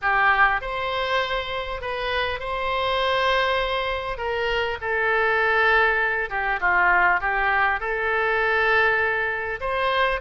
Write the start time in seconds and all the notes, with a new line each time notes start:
0.01 G4
0.61 C5
1.81 B4
2.39 C5
4.17 A#4
4.81 A4
6.29 G4
6.60 F4
7.20 G4
7.80 A4
9.60 C5